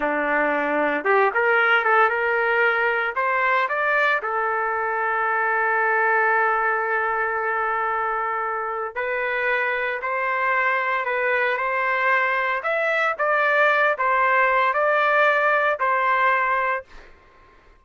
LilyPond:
\new Staff \with { instrumentName = "trumpet" } { \time 4/4 \tempo 4 = 114 d'2 g'8 ais'4 a'8 | ais'2 c''4 d''4 | a'1~ | a'1~ |
a'4 b'2 c''4~ | c''4 b'4 c''2 | e''4 d''4. c''4. | d''2 c''2 | }